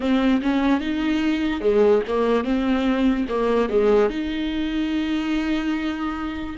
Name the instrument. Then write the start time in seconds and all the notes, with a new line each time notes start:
viola
0.00 C4
0.41 C#4
0.80 D#4
1.60 G#3
2.07 A#3
2.44 C4
3.28 A#3
3.69 G#3
4.09 D#4